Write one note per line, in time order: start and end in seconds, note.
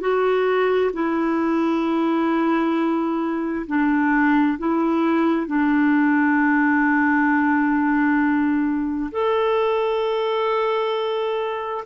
0.00 0.91 F#4
0.93 3.66 E4
3.67 4.58 D4
4.58 5.47 E4
5.47 9.10 D4
9.12 11.84 A4